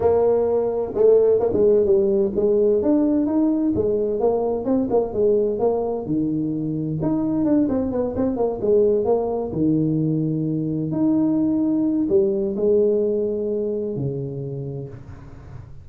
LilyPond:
\new Staff \with { instrumentName = "tuba" } { \time 4/4 \tempo 4 = 129 ais2 a4 ais16 gis8. | g4 gis4 d'4 dis'4 | gis4 ais4 c'8 ais8 gis4 | ais4 dis2 dis'4 |
d'8 c'8 b8 c'8 ais8 gis4 ais8~ | ais8 dis2. dis'8~ | dis'2 g4 gis4~ | gis2 cis2 | }